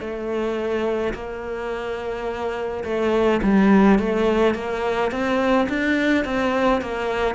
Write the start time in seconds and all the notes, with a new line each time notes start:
0.00 A3
1.14 A#3
2.84 A3
3.43 G3
3.99 A3
4.54 A#3
5.11 C4
5.69 D4
6.25 C4
6.81 A#3